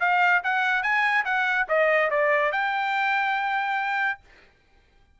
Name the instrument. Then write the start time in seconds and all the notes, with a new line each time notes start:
trumpet
0.00 F5
0.43 F#5
0.83 G#5
1.25 F#5
1.68 D#5
2.10 D5
2.52 G5